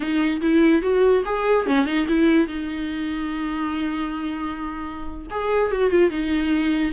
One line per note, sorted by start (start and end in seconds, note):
0.00 0.40 D#4
0.41 0.82 E4
0.82 1.23 F#4
1.25 1.66 G#4
1.66 1.85 C#4
1.85 2.06 D#4
2.08 2.47 E4
2.47 5.26 D#4
5.30 5.71 G#4
5.71 5.90 F#4
5.90 6.10 F4
6.10 6.92 D#4